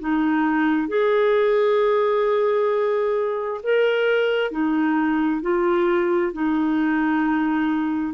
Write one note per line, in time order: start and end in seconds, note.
0.00 0.88 D#4
0.88 3.61 G#4
3.64 4.52 A#4
4.52 5.42 D#4
5.42 6.33 F4
6.33 8.14 D#4